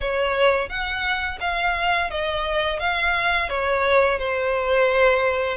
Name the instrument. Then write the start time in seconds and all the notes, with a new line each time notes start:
violin
0.01 C#5
0.68 F#5
1.40 F5
2.10 D#5
2.79 F5
3.49 C#5
4.18 C5